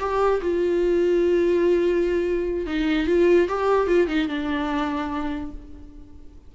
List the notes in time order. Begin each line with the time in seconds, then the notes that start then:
0.00 G4
0.42 F4
2.67 D#4
3.07 F4
3.49 G4
3.88 F4
4.08 D#4
4.28 D4